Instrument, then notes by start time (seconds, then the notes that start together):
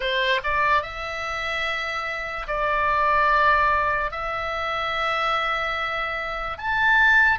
oboe
0.00 C5
0.43 D5
0.82 E5
2.47 D5
4.11 E5
6.58 A5